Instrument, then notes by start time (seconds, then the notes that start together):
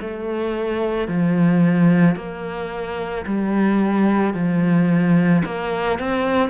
cello
0.00 A3
1.08 F3
2.16 A#3
3.26 G3
4.33 F3
5.44 A#3
5.99 C4